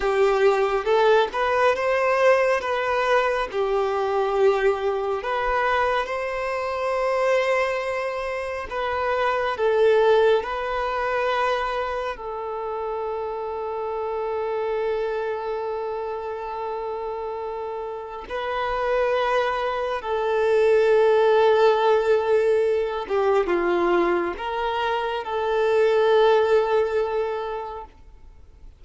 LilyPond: \new Staff \with { instrumentName = "violin" } { \time 4/4 \tempo 4 = 69 g'4 a'8 b'8 c''4 b'4 | g'2 b'4 c''4~ | c''2 b'4 a'4 | b'2 a'2~ |
a'1~ | a'4 b'2 a'4~ | a'2~ a'8 g'8 f'4 | ais'4 a'2. | }